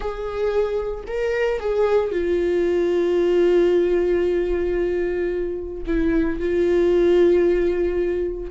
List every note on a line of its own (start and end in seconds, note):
0.00 1.04 G#4
1.07 1.60 A#4
1.60 2.11 G#4
2.11 5.83 F4
5.86 6.39 E4
6.39 8.50 F4